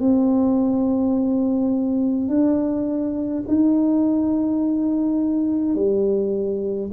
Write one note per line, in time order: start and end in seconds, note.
0.00 2.28 C4
2.28 3.44 D4
3.48 5.75 D#4
5.75 6.91 G3